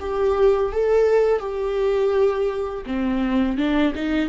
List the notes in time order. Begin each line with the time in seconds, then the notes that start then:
0.00 G4
0.72 A4
1.40 G4
2.87 C4
3.58 D4
3.95 D#4